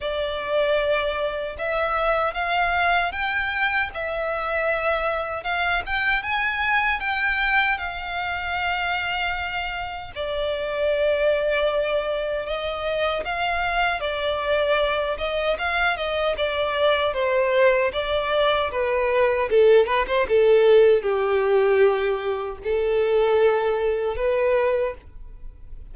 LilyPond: \new Staff \with { instrumentName = "violin" } { \time 4/4 \tempo 4 = 77 d''2 e''4 f''4 | g''4 e''2 f''8 g''8 | gis''4 g''4 f''2~ | f''4 d''2. |
dis''4 f''4 d''4. dis''8 | f''8 dis''8 d''4 c''4 d''4 | b'4 a'8 b'16 c''16 a'4 g'4~ | g'4 a'2 b'4 | }